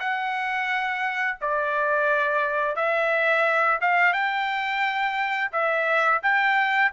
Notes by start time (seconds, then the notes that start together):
0.00 F#5
1.41 D5
2.76 E5
3.82 F5
4.13 G5
5.53 E5
6.23 G5